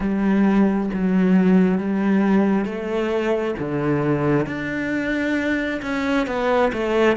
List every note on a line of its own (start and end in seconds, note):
0.00 0.90 G3
0.93 1.78 F#3
1.78 2.65 G3
2.65 3.54 A3
3.58 4.46 D3
4.46 5.80 D4
5.82 6.26 C#4
6.26 6.71 B3
6.72 7.16 A3